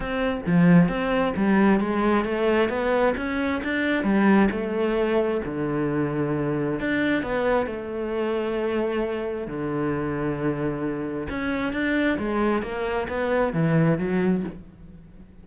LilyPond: \new Staff \with { instrumentName = "cello" } { \time 4/4 \tempo 4 = 133 c'4 f4 c'4 g4 | gis4 a4 b4 cis'4 | d'4 g4 a2 | d2. d'4 |
b4 a2.~ | a4 d2.~ | d4 cis'4 d'4 gis4 | ais4 b4 e4 fis4 | }